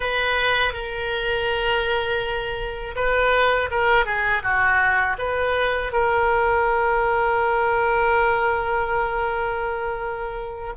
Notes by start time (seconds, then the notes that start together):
0.00 B4
0.73 A#4
2.95 B4
3.70 A#4
4.05 G#4
4.42 F#4
5.18 B4
5.92 A#4